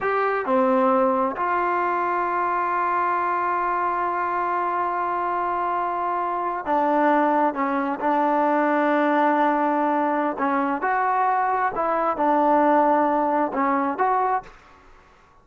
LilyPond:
\new Staff \with { instrumentName = "trombone" } { \time 4/4 \tempo 4 = 133 g'4 c'2 f'4~ | f'1~ | f'1~ | f'2~ f'8. d'4~ d'16~ |
d'8. cis'4 d'2~ d'16~ | d'2. cis'4 | fis'2 e'4 d'4~ | d'2 cis'4 fis'4 | }